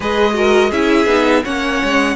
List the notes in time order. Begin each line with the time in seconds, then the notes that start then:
0.00 G#3 G#4 B4 D#5
0.33 F#4 A#4
0.70 C#4 E4 G#4 E5
1.06 B3 D#4
1.44 A#3 C#4 C#5 F#5
1.83 G#3